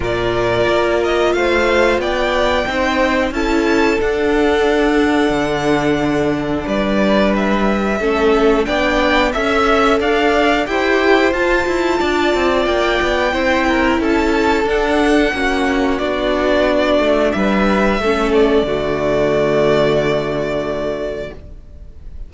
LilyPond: <<
  \new Staff \with { instrumentName = "violin" } { \time 4/4 \tempo 4 = 90 d''4. dis''8 f''4 g''4~ | g''4 a''4 fis''2~ | fis''2 d''4 e''4~ | e''4 g''4 e''4 f''4 |
g''4 a''2 g''4~ | g''4 a''4 fis''2 | d''2 e''4. d''8~ | d''1 | }
  \new Staff \with { instrumentName = "violin" } { \time 4/4 ais'2 c''4 d''4 | c''4 a'2.~ | a'2 b'2 | a'4 d''4 e''4 d''4 |
c''2 d''2 | c''8 ais'8 a'2 fis'4~ | fis'2 b'4 a'4 | fis'1 | }
  \new Staff \with { instrumentName = "viola" } { \time 4/4 f'1 | dis'4 e'4 d'2~ | d'1 | cis'4 d'4 a'2 |
g'4 f'2. | e'2 d'4 cis'4 | d'2. cis'4 | a1 | }
  \new Staff \with { instrumentName = "cello" } { \time 4/4 ais,4 ais4 a4 b4 | c'4 cis'4 d'2 | d2 g2 | a4 b4 cis'4 d'4 |
e'4 f'8 e'8 d'8 c'8 ais8 b8 | c'4 cis'4 d'4 ais4 | b4. a8 g4 a4 | d1 | }
>>